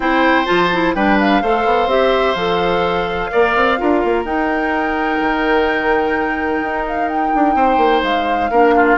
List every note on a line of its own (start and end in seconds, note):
0.00 0.46 C4
0.00 0.45 E4
0.00 0.95 C5
0.00 0.45 G5
0.45 0.95 F3
0.45 0.69 F4
0.45 0.93 A5
0.72 0.95 E4
0.94 1.42 G3
0.94 1.42 D4
0.94 1.42 B4
0.94 1.18 G5
1.19 1.90 F5
1.42 1.65 A3
1.42 1.88 A4
1.42 3.31 C5
1.65 1.86 B3
1.86 2.34 C4
1.86 2.36 G4
1.86 2.34 E5
2.34 3.29 F3
2.34 3.30 A4
2.34 4.23 F5
3.30 3.55 A#3
3.30 3.77 A#4
3.30 3.79 D5
3.55 3.79 C4
3.77 4.04 D4
3.77 4.25 F4
3.77 7.55 A#4
4.04 4.24 A#3
4.24 5.19 D#4
4.24 8.50 D#4
4.24 6.84 G5
5.20 6.61 D#3
6.61 7.32 D#4
6.87 7.08 F5
7.08 8.02 G5
7.34 7.55 D4
7.55 7.77 C4
7.55 8.50 C5
7.77 8.00 A#3
8.03 8.50 G#3
8.03 8.97 F5
8.50 8.97 A#3
8.50 8.97 D4
8.50 8.74 A#4
8.75 8.97 F4